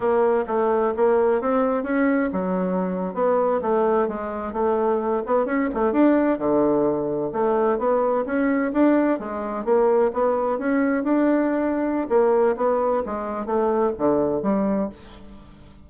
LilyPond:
\new Staff \with { instrumentName = "bassoon" } { \time 4/4 \tempo 4 = 129 ais4 a4 ais4 c'4 | cis'4 fis4.~ fis16 b4 a16~ | a8. gis4 a4. b8 cis'16~ | cis'16 a8 d'4 d2 a16~ |
a8. b4 cis'4 d'4 gis16~ | gis8. ais4 b4 cis'4 d'16~ | d'2 ais4 b4 | gis4 a4 d4 g4 | }